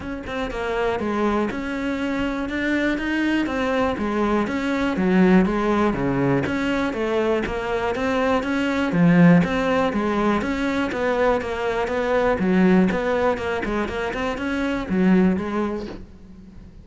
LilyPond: \new Staff \with { instrumentName = "cello" } { \time 4/4 \tempo 4 = 121 cis'8 c'8 ais4 gis4 cis'4~ | cis'4 d'4 dis'4 c'4 | gis4 cis'4 fis4 gis4 | cis4 cis'4 a4 ais4 |
c'4 cis'4 f4 c'4 | gis4 cis'4 b4 ais4 | b4 fis4 b4 ais8 gis8 | ais8 c'8 cis'4 fis4 gis4 | }